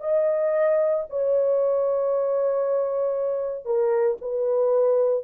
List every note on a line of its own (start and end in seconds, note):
0.00 1.04 D#5
1.10 3.65 C#5
3.65 4.17 A#4
4.21 5.24 B4